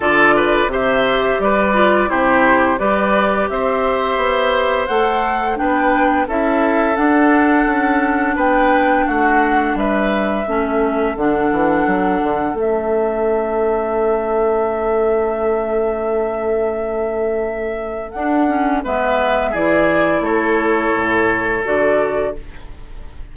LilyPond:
<<
  \new Staff \with { instrumentName = "flute" } { \time 4/4 \tempo 4 = 86 d''4 e''4 d''4 c''4 | d''4 e''2 fis''4 | g''4 e''4 fis''2 | g''4 fis''4 e''2 |
fis''2 e''2~ | e''1~ | e''2 fis''4 e''4 | d''4 cis''2 d''4 | }
  \new Staff \with { instrumentName = "oboe" } { \time 4/4 a'8 b'8 c''4 b'4 g'4 | b'4 c''2. | b'4 a'2. | b'4 fis'4 b'4 a'4~ |
a'1~ | a'1~ | a'2. b'4 | gis'4 a'2. | }
  \new Staff \with { instrumentName = "clarinet" } { \time 4/4 f'4 g'4. f'8 e'4 | g'2. a'4 | d'4 e'4 d'2~ | d'2. cis'4 |
d'2 cis'2~ | cis'1~ | cis'2 d'8 cis'8 b4 | e'2. fis'4 | }
  \new Staff \with { instrumentName = "bassoon" } { \time 4/4 d4 c4 g4 c4 | g4 c'4 b4 a4 | b4 cis'4 d'4 cis'4 | b4 a4 g4 a4 |
d8 e8 fis8 d8 a2~ | a1~ | a2 d'4 gis4 | e4 a4 a,4 d4 | }
>>